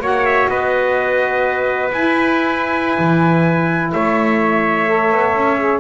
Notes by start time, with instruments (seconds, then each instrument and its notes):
0.00 double bass A#3, saxophone F#4, trumpet C#5
0.06 trumpet F#5
0.25 trumpet E5
0.48 double bass B3, trumpet B4 D#5
1.92 double bass E4, saxophone E4, trumpet G#5
2.98 double bass E3
3.92 double bass A3, trumpet C#5 E5
4.87 saxophone A4
5.12 double bass B3
5.34 double bass C#4
5.57 saxophone G#4